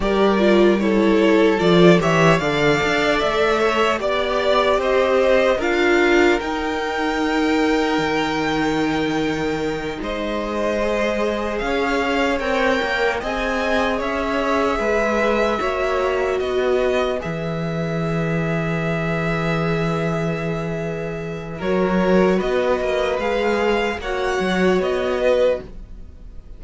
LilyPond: <<
  \new Staff \with { instrumentName = "violin" } { \time 4/4 \tempo 4 = 75 d''4 cis''4 d''8 e''8 f''4 | e''4 d''4 dis''4 f''4 | g''1~ | g''8 dis''2 f''4 g''8~ |
g''8 gis''4 e''2~ e''8~ | e''8 dis''4 e''2~ e''8~ | e''2. cis''4 | dis''4 f''4 fis''4 dis''4 | }
  \new Staff \with { instrumentName = "violin" } { \time 4/4 ais'4 a'4. cis''8 d''4~ | d''8 cis''8 d''4 c''4 ais'4~ | ais'1~ | ais'8 c''2 cis''4.~ |
cis''8 dis''4 cis''4 b'4 cis''8~ | cis''8 b'2.~ b'8~ | b'2. ais'4 | b'2 cis''4. b'8 | }
  \new Staff \with { instrumentName = "viola" } { \time 4/4 g'8 f'8 e'4 f'8 g'8 a'4~ | a'4 g'2 f'4 | dis'1~ | dis'4. gis'2 ais'8~ |
ais'8 gis'2. fis'8~ | fis'4. gis'2~ gis'8~ | gis'2. fis'4~ | fis'4 gis'4 fis'2 | }
  \new Staff \with { instrumentName = "cello" } { \time 4/4 g2 f8 e8 d8 d'8 | a4 b4 c'4 d'4 | dis'2 dis2~ | dis8 gis2 cis'4 c'8 |
ais8 c'4 cis'4 gis4 ais8~ | ais8 b4 e2~ e8~ | e2. fis4 | b8 ais8 gis4 ais8 fis8 b4 | }
>>